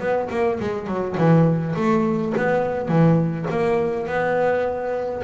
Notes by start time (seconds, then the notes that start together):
0.00 B3
0.30 A#3
0.60 G#3
0.87 F#3
1.18 E3
1.76 A3
2.37 B3
2.88 E3
3.51 A#3
4.07 B3